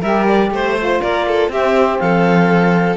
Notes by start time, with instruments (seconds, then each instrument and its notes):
0.00 cello G3, saxophone G4, violin A#4, clarinet E5
0.28 clarinet D5
0.51 cello A3, clarinet C5, violin C5
0.78 saxophone F4
1.01 cello A#3, violin A#4, clarinet D5
1.27 violin A4
1.48 cello C4, saxophone C4, violin G4, clarinet E5
1.99 cello F3, violin A4, clarinet F5